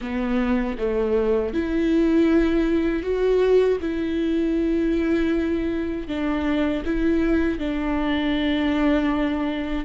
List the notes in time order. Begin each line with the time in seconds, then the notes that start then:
0.01 B3
0.78 A3
1.53 E4
3.02 F#4
3.80 E4
6.07 D4
6.85 E4
7.58 D4